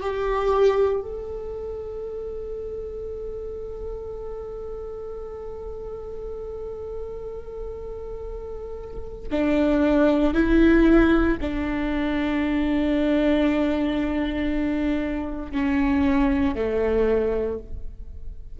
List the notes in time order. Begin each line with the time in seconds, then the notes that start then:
0.00 G4
1.01 A4
9.31 D4
10.34 E4
11.41 D4
15.52 C#4
16.55 A3